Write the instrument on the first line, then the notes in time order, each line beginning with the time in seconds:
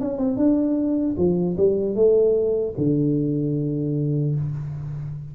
tuba
0.00 C#4
0.18 C4
0.36 D4
1.17 F3
1.57 G3
1.95 A3
2.77 D3